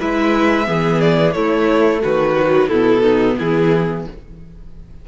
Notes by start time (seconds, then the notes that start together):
0.00 G#3 E4 B4 E5
0.65 E3 B3 G#4
1.01 D5
1.32 A3 E4 C#5
2.02 D#3 F#4 B4
2.35 F#3
2.68 B2 B3 E4 A4
3.03 D#4
3.38 E3 E4 G#4